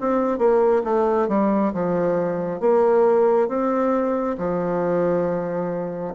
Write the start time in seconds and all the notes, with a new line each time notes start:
0.00 C4
0.38 A#3
0.84 A3
1.28 G3
1.73 F3
2.60 A#3
3.48 C4
4.38 F3